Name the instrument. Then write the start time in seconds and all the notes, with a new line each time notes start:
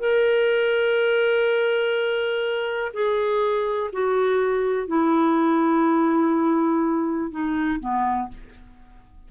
clarinet
0.00 A#4
2.94 G#4
3.93 F#4
4.88 E4
7.31 D#4
7.80 B3